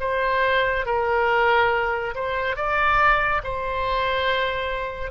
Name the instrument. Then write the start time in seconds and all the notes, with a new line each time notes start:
oboe
0.00 C5
0.86 A#4
2.15 C5
2.56 D5
3.44 C5